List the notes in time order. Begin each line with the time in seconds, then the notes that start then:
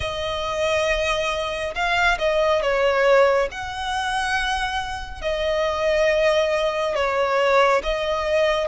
0.00 D#5
1.74 F5
2.18 D#5
2.62 C#5
3.51 F#5
5.21 D#5
6.95 C#5
7.83 D#5